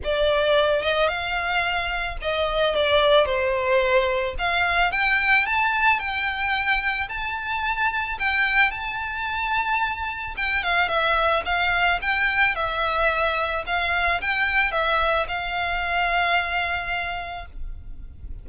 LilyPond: \new Staff \with { instrumentName = "violin" } { \time 4/4 \tempo 4 = 110 d''4. dis''8 f''2 | dis''4 d''4 c''2 | f''4 g''4 a''4 g''4~ | g''4 a''2 g''4 |
a''2. g''8 f''8 | e''4 f''4 g''4 e''4~ | e''4 f''4 g''4 e''4 | f''1 | }